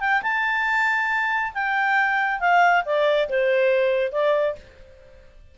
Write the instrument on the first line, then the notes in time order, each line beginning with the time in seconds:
clarinet
0.00 G5
0.22 A5
1.54 G5
2.40 F5
2.85 D5
3.29 C5
4.12 D5